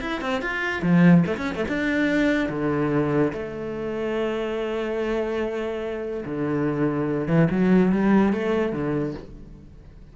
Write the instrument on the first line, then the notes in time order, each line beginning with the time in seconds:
cello
0.00 E4
0.21 C4
0.41 F4
0.82 F3
1.26 A3
1.36 C#4
1.54 A3
1.68 D4
2.49 D3
3.32 A3
6.25 D3
7.27 E3
7.50 F#3
7.92 G3
8.33 A3
8.72 D3